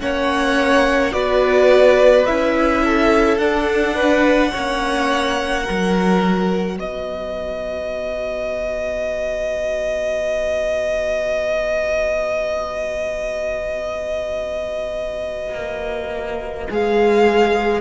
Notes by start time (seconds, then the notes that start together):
0.00 A#3 C#4 C#5 F#5
1.12 B3 F#4 B4 D5
2.26 C#4 E4 E5
2.84 A4
3.38 D4 F#5
3.95 B4
4.52 A#3 C#4 C#5
5.64 F#3 F#4 A#4
6.77 B3 B4 D#5
15.55 A#3
16.70 G#3 G#4 F5